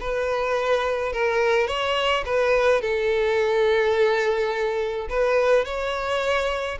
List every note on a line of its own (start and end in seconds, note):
0.00 1.12 B4
1.12 1.67 A#4
1.67 2.24 C#5
2.25 2.81 B4
2.81 5.08 A4
5.09 5.65 B4
5.65 6.78 C#5